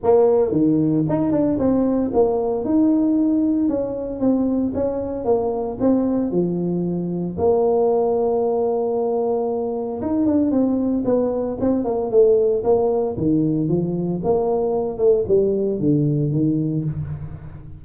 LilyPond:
\new Staff \with { instrumentName = "tuba" } { \time 4/4 \tempo 4 = 114 ais4 dis4 dis'8 d'8 c'4 | ais4 dis'2 cis'4 | c'4 cis'4 ais4 c'4 | f2 ais2~ |
ais2. dis'8 d'8 | c'4 b4 c'8 ais8 a4 | ais4 dis4 f4 ais4~ | ais8 a8 g4 d4 dis4 | }